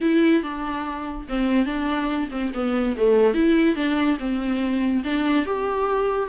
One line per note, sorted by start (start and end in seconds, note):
0.01 0.42 E4
0.42 1.26 D4
1.29 1.65 C4
1.65 2.28 D4
2.31 2.52 C4
2.53 2.95 B3
2.96 3.34 A3
3.34 3.75 E4
3.75 4.17 D4
4.19 5.03 C4
5.04 5.45 D4
5.45 6.28 G4